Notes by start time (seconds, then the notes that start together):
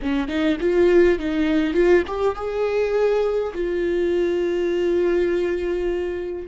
0.02 C#4
0.28 D#4
0.60 F4
1.18 D#4
1.73 F4
2.07 G4
2.35 G#4
3.53 F4